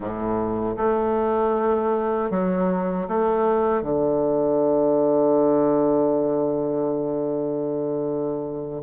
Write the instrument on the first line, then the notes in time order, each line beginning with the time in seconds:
bassoon
0.00 A2
0.76 A3
2.30 F#3
3.08 A3
3.82 D3